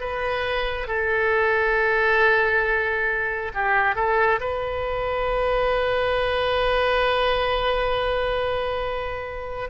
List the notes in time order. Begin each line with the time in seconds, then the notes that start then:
0.00 B4
0.87 A4
3.54 G4
3.95 A4
4.40 B4